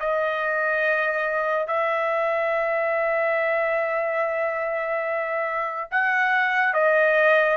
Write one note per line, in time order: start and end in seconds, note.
0.00 1.67 D#5
1.67 5.90 E5
5.92 6.74 F#5
6.74 7.57 D#5